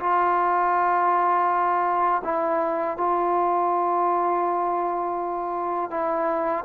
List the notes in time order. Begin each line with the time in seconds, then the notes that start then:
0.00 F4
2.24 E4
2.97 F4
5.91 E4